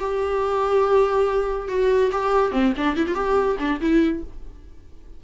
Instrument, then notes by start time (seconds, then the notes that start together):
viola
0.00 G4
1.68 F#4
2.12 G4
2.52 C4
2.77 D4
2.96 E4
3.07 F4
3.15 G4
3.59 D4
3.81 E4